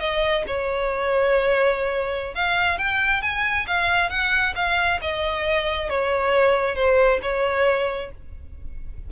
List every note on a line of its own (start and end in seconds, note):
0.00 0.44 D#5
0.47 2.35 C#5
2.35 2.78 F5
2.78 3.22 G5
3.22 3.66 G#5
3.67 4.10 F5
4.10 4.55 F#5
4.56 5.00 F5
5.02 5.90 D#5
5.90 6.75 C#5
6.75 7.20 C5
7.22 8.11 C#5